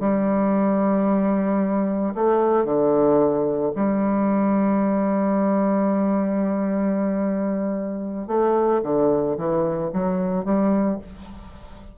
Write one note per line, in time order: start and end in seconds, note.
0.00 2.14 G3
2.15 2.65 A3
2.65 3.72 D3
3.75 8.28 G3
8.28 8.81 A3
8.83 9.37 D3
9.37 9.91 E3
9.93 10.45 F#3
10.45 10.98 G3